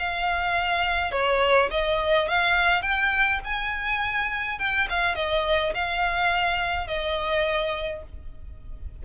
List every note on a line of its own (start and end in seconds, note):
0.00 1.12 F5
1.12 1.70 C#5
1.72 2.29 D#5
2.29 2.83 F5
2.83 3.40 G5
3.45 4.59 G#5
4.59 4.88 G5
4.90 5.16 F5
5.16 5.74 D#5
5.75 6.88 F5
6.88 8.03 D#5